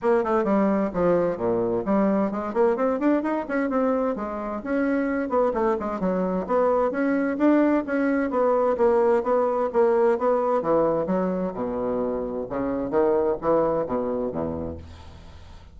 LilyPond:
\new Staff \with { instrumentName = "bassoon" } { \time 4/4 \tempo 4 = 130 ais8 a8 g4 f4 ais,4 | g4 gis8 ais8 c'8 d'8 dis'8 cis'8 | c'4 gis4 cis'4. b8 | a8 gis8 fis4 b4 cis'4 |
d'4 cis'4 b4 ais4 | b4 ais4 b4 e4 | fis4 b,2 cis4 | dis4 e4 b,4 e,4 | }